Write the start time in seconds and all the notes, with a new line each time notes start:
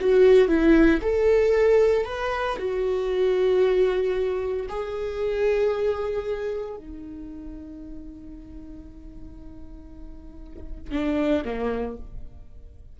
0.00 F#4
0.48 E4
1.01 A4
2.05 B4
2.58 F#4
4.68 G#4
6.76 D#4
10.91 D4
11.45 A#3